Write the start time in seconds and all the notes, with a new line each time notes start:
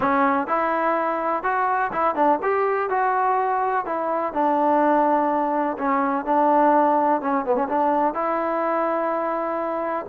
0.00 C#4
0.47 E4
1.43 F#4
1.92 E4
2.15 D4
2.42 G4
2.89 F#4
3.85 E4
4.33 D4
5.78 C#4
6.25 D4
7.21 C#4
7.45 B3
7.55 C#4
7.68 D4
8.14 E4